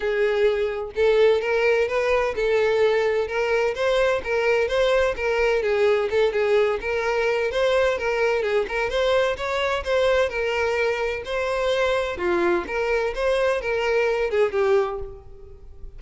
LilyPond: \new Staff \with { instrumentName = "violin" } { \time 4/4 \tempo 4 = 128 gis'2 a'4 ais'4 | b'4 a'2 ais'4 | c''4 ais'4 c''4 ais'4 | gis'4 a'8 gis'4 ais'4. |
c''4 ais'4 gis'8 ais'8 c''4 | cis''4 c''4 ais'2 | c''2 f'4 ais'4 | c''4 ais'4. gis'8 g'4 | }